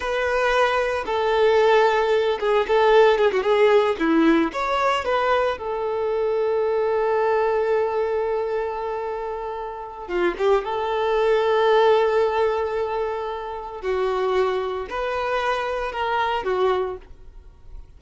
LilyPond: \new Staff \with { instrumentName = "violin" } { \time 4/4 \tempo 4 = 113 b'2 a'2~ | a'8 gis'8 a'4 gis'16 fis'16 gis'4 e'8~ | e'8 cis''4 b'4 a'4.~ | a'1~ |
a'2. f'8 g'8 | a'1~ | a'2 fis'2 | b'2 ais'4 fis'4 | }